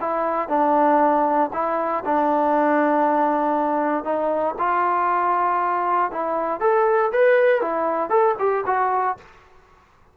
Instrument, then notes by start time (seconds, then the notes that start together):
trombone
0.00 E4
0.48 D4
1.53 E4
2.05 D4
4.04 D#4
4.58 F4
6.11 E4
6.60 A4
7.12 B4
7.61 E4
8.09 A4
8.39 G4
8.66 F#4